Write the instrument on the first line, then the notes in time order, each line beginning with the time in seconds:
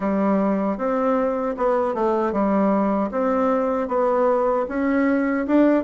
bassoon
0.00 G3
0.77 C4
1.57 B3
1.94 A3
2.32 G3
3.11 C4
3.87 B3
4.68 C#4
5.47 D4